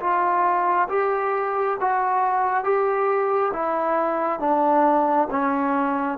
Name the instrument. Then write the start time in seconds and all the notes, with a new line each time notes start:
trombone
0.00 F4
0.89 G4
1.81 F#4
2.64 G4
3.53 E4
4.40 D4
5.31 C#4